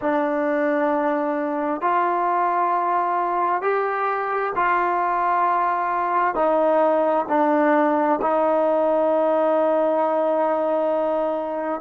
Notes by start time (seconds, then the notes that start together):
0.01 D4
1.81 F4
3.62 G4
4.55 F4
6.34 D#4
7.28 D4
8.21 D#4